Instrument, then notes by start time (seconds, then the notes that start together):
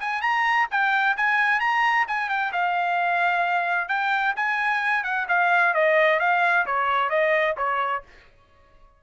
trumpet
0.00 G#5
0.21 A#5
0.71 G5
1.17 G#5
1.60 A#5
2.08 G#5
2.29 G5
2.53 F5
3.89 G5
4.36 G#5
5.04 F#5
5.28 F5
5.74 D#5
6.20 F5
6.66 C#5
7.10 D#5
7.57 C#5